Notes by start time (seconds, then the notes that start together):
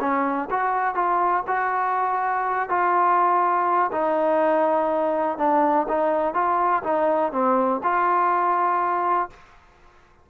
0.00 C#4
0.50 F#4
0.95 F4
1.47 F#4
2.69 F4
3.92 D#4
5.38 D4
5.88 D#4
6.34 F4
6.83 D#4
7.32 C4
7.83 F4